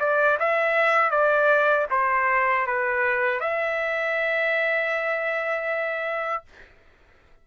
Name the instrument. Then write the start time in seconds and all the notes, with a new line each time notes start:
trumpet
0.00 D5
0.40 E5
1.11 D5
1.91 C5
2.67 B4
3.40 E5